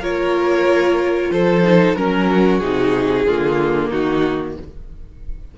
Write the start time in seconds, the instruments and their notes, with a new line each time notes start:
0.00 cello A#3, viola F4, violin A#4 C#5
1.30 cello F3, violin A4 C5
1.64 viola D#4
1.95 cello F#3, viola C#4, violin A#4
2.30 violin F#4
2.59 cello C3, viola D#4, violin G#4
3.26 cello D3, viola A#3, violin F4
3.89 cello D#3, violin D#4 F#4